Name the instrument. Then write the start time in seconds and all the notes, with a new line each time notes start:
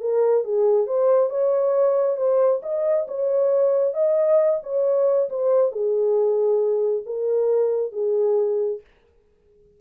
horn
0.00 A#4
0.44 G#4
0.87 C5
1.30 C#5
2.17 C5
2.62 D#5
3.08 C#5
3.94 D#5
4.63 C#5
5.29 C5
5.72 G#4
7.06 A#4
7.92 G#4